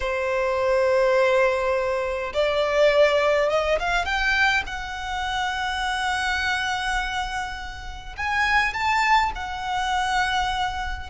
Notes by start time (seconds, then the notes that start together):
0.00 C5
2.33 D5
3.50 D#5
3.79 F5
4.05 G5
4.66 F#5
8.16 G#5
8.73 A5
9.35 F#5